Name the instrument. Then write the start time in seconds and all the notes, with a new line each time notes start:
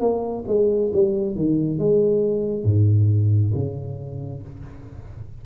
tuba
0.00 A#3
0.47 G#3
0.93 G3
1.36 D#3
1.78 G#3
2.64 G#2
3.54 C#3